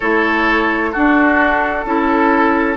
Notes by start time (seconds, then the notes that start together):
0.00 A3 E4 A4 C#5
0.91 D4 F#4 A4
1.85 C#4 E4 A4